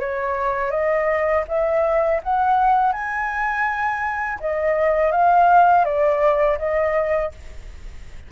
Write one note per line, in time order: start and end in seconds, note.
0.00 0.72 C#5
0.72 1.45 D#5
1.49 2.22 E5
2.24 2.93 F#5
2.93 4.39 G#5
4.40 5.12 D#5
5.12 5.85 F5
5.85 6.59 D5
6.59 7.32 D#5